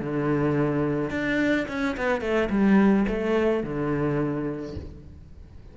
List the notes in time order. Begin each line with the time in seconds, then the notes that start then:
0.00 D3
1.10 D4
1.68 C#4
1.97 B3
2.21 A3
2.50 G3
3.08 A3
3.63 D3